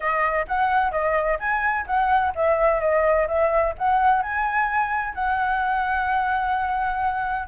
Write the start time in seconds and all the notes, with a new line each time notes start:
0.00 D#5
0.47 F#5
0.91 D#5
1.39 G#5
1.86 F#5
2.35 E5
2.80 D#5
3.27 E5
3.78 F#5
4.22 G#5
5.14 F#5